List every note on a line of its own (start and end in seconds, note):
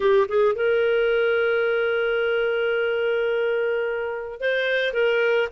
0.00 0.27 G4
0.28 0.55 G#4
0.55 4.40 A#4
4.40 4.93 C5
4.93 5.48 A#4